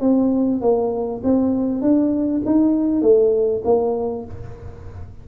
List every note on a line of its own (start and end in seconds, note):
0.00 0.61 C4
0.61 1.21 A#3
1.23 1.81 C4
1.81 2.42 D4
2.45 3.01 D#4
3.01 3.62 A3
3.64 4.25 A#3